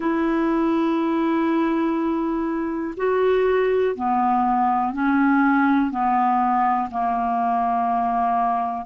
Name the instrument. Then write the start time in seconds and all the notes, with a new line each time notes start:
clarinet
0.00 E4
2.96 F#4
3.95 B3
4.93 C#4
5.90 B3
6.91 A#3